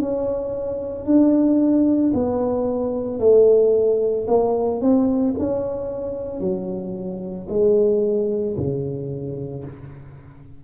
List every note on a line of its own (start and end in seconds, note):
0.00 1.05 C#4
1.05 2.12 D4
2.14 3.19 B3
3.19 4.27 A3
4.28 4.81 A#3
4.81 5.35 C4
5.39 6.40 C#4
6.40 7.48 F#3
7.50 8.57 G#3
8.57 9.64 C#3